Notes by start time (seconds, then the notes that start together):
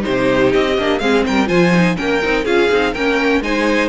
0.00 D#4 G4 C5
0.07 C3
0.53 C4 D#5
0.78 A#3 D4
0.99 G#3 C4 G#4 F5
1.26 G3 A#4 G5
1.46 F3 F4 C5 G#5
1.74 D#4
1.96 A#3 C#4 A#4 G5
2.23 C4 D#4
2.44 C#4 F4 G#4 F5
2.71 C4 D#4
2.93 A#3 C#4 A#4 G5
3.40 G#3 D#4 C5 G#5